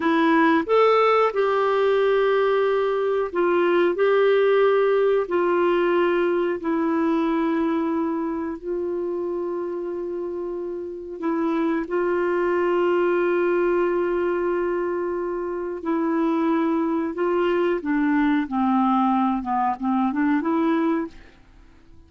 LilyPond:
\new Staff \with { instrumentName = "clarinet" } { \time 4/4 \tempo 4 = 91 e'4 a'4 g'2~ | g'4 f'4 g'2 | f'2 e'2~ | e'4 f'2.~ |
f'4 e'4 f'2~ | f'1 | e'2 f'4 d'4 | c'4. b8 c'8 d'8 e'4 | }